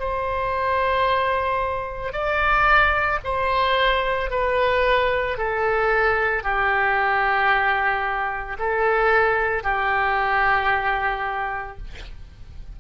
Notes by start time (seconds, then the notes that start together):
0.00 C5
2.12 D5
3.24 C5
4.31 B4
5.38 A4
6.43 G4
8.59 A4
9.63 G4